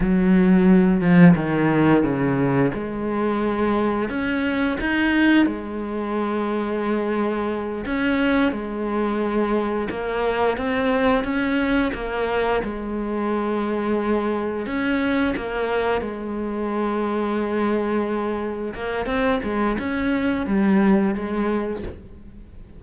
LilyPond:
\new Staff \with { instrumentName = "cello" } { \time 4/4 \tempo 4 = 88 fis4. f8 dis4 cis4 | gis2 cis'4 dis'4 | gis2.~ gis8 cis'8~ | cis'8 gis2 ais4 c'8~ |
c'8 cis'4 ais4 gis4.~ | gis4. cis'4 ais4 gis8~ | gis2.~ gis8 ais8 | c'8 gis8 cis'4 g4 gis4 | }